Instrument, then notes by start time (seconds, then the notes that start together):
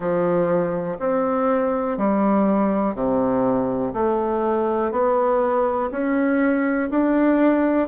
bassoon
0.00 F3
0.99 C4
1.97 G3
2.95 C3
3.93 A3
4.91 B3
5.91 C#4
6.90 D4